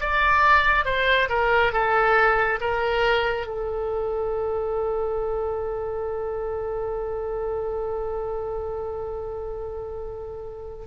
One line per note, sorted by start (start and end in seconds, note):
0.00 0.85 D5
0.85 1.28 C5
1.29 1.72 A#4
1.72 2.59 A4
2.60 3.46 A#4
3.46 10.85 A4